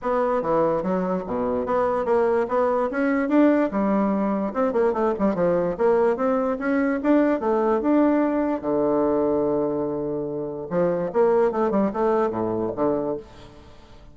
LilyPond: \new Staff \with { instrumentName = "bassoon" } { \time 4/4 \tempo 4 = 146 b4 e4 fis4 b,4 | b4 ais4 b4 cis'4 | d'4 g2 c'8 ais8 | a8 g8 f4 ais4 c'4 |
cis'4 d'4 a4 d'4~ | d'4 d2.~ | d2 f4 ais4 | a8 g8 a4 a,4 d4 | }